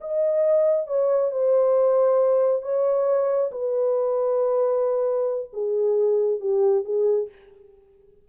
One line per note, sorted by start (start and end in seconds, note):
0.00 0.87 D#5
0.87 1.31 C#5
1.31 2.62 C5
2.62 3.50 C#5
3.51 5.50 B4
5.52 6.40 G#4
6.40 6.84 G4
6.84 7.28 G#4